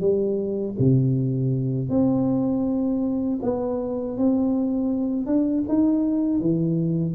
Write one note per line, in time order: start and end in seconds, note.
0.00 0.75 G3
0.79 1.90 C3
1.90 3.40 C4
3.42 4.17 B3
4.18 5.26 C4
5.26 5.64 D4
5.68 6.40 D#4
6.40 7.15 E3